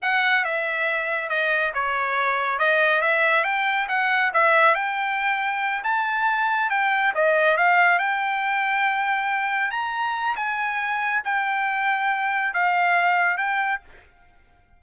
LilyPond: \new Staff \with { instrumentName = "trumpet" } { \time 4/4 \tempo 4 = 139 fis''4 e''2 dis''4 | cis''2 dis''4 e''4 | g''4 fis''4 e''4 g''4~ | g''4. a''2 g''8~ |
g''8 dis''4 f''4 g''4.~ | g''2~ g''8 ais''4. | gis''2 g''2~ | g''4 f''2 g''4 | }